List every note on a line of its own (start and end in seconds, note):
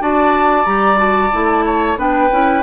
0.00 0.66 D4
0.00 0.66 F#4
0.00 1.66 D5
0.00 0.66 A5
0.66 1.32 G3
0.66 0.97 G4
0.66 0.99 A#5
0.97 1.30 F#4
0.97 1.98 A5
1.33 1.97 A3
1.33 1.97 E4
1.66 1.99 C#5
1.97 2.30 B3
1.97 2.30 D4
1.97 2.64 B4
1.97 2.64 G5
2.31 2.64 C#4
2.31 2.64 E4